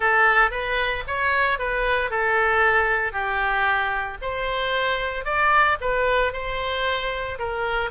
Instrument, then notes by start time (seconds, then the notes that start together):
oboe
0.00 A4
0.50 B4
1.07 C#5
1.58 B4
2.10 A4
3.12 G4
4.21 C5
5.24 D5
5.80 B4
6.33 C5
7.39 A#4